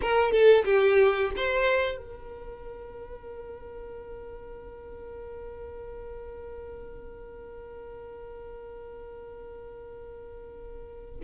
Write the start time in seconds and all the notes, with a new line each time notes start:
0.01 A#4
0.31 A4
0.64 G4
1.36 C5
1.97 A#4